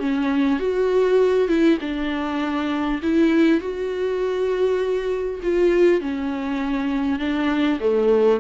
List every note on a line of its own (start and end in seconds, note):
0.00 0.60 C#4
0.60 1.48 F#4
1.48 1.78 E4
1.81 3.01 D4
3.03 3.61 E4
3.61 5.41 F#4
5.43 6.01 F4
6.01 7.19 C#4
7.19 7.79 D4
7.81 8.41 A3